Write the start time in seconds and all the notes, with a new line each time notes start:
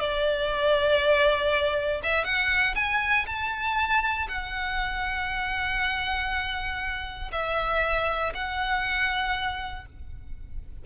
0.00 D5
2.04 E5
2.25 F#5
2.76 G#5
3.27 A5
4.29 F#5
7.32 E5
8.35 F#5